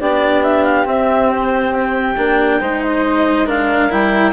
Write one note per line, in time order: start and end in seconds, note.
0.00 0.86 B3
0.00 0.85 D4
0.00 2.60 G4
0.00 0.43 D5
0.43 0.64 E5
0.64 0.86 F5
0.85 2.15 C4
0.85 2.16 C4
0.85 1.31 E5
1.31 1.74 C5
1.74 2.82 G5
2.17 2.61 A#3
2.17 2.60 D4
2.60 3.91 G#3
2.60 3.47 D#4
2.60 3.46 C5
2.82 3.47 D#5
3.46 3.89 D4
3.46 4.32 A#4
3.46 3.92 F5
3.89 4.32 G3
3.89 4.32 E4
3.89 4.32 G5